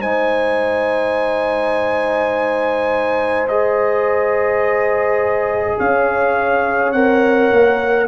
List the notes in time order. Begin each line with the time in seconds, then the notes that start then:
0.00 G#3 D#4 C5 G#5
3.48 G#4 D#5
5.78 C#4 C#5 F5
6.92 C4 A#4 F#5
7.51 A#3